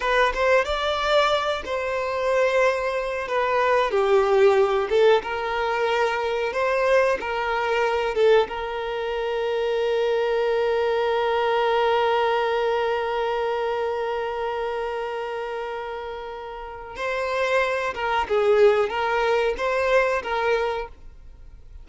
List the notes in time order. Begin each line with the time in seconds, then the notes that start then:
0.00 B4
0.33 C5
0.64 D5
1.65 C5
3.28 B4
3.90 G4
4.89 A4
5.22 A#4
6.52 C5
7.20 A#4
8.15 A4
8.48 A#4
16.96 C5
17.94 A#4
18.28 G#4
18.89 A#4
19.57 C5
20.22 A#4